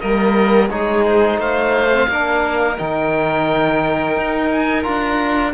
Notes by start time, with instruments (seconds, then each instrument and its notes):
0.00 cello G3, trombone A#3, violin A#4, oboe D#5
0.70 cello G#3, trombone D#4, violin G#4, oboe C#5
1.06 oboe C5
1.39 cello A3, violin C5, oboe F5
1.93 trombone C4
2.09 cello A#3, trombone D4, violin A#4
2.78 cello D#3, trombone D#4, oboe G5
4.17 cello D#4
4.51 oboe G#5
4.83 cello D4, trombone F4, oboe A#5